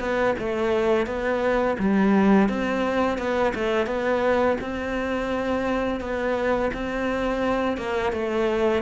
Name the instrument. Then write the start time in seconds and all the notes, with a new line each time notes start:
cello
0.00 B3
0.39 A3
1.07 B3
1.79 G3
2.49 C4
3.18 B3
3.55 A3
3.87 B3
4.61 C4
6.01 B3
6.74 C4
7.78 A#3
8.13 A3